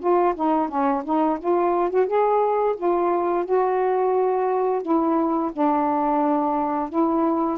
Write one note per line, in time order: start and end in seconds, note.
0.00 0.34 F4
0.35 0.69 D#4
0.69 1.03 C#4
1.04 1.39 D#4
1.39 1.90 F4
1.90 2.07 F#4
2.07 2.76 G#4
2.76 3.45 F4
3.45 4.82 F#4
4.82 5.51 E4
5.52 6.89 D4
6.89 7.58 E4